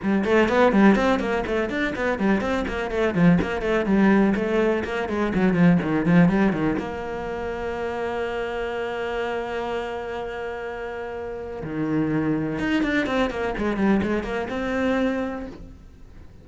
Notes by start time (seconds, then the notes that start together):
0.02 G3
0.24 A3
0.48 B3
0.72 G3
0.95 C4
1.19 A#3
1.46 A3
1.69 D4
1.95 B3
2.19 G3
2.40 C4
2.67 A#3
2.91 A3
3.14 F3
3.41 A#3
3.61 A3
3.85 G3
4.35 A3
4.84 A#3
5.08 G#3
5.34 F#3
5.53 F3
5.82 D#3
6.05 F3
6.28 G3
6.53 D#3
6.79 A#3
11.63 D#3
12.59 D#4
12.82 D4
13.06 C4
13.30 A#3
13.58 G#3
13.77 G3
14.02 G#3
14.23 A#3
14.49 C4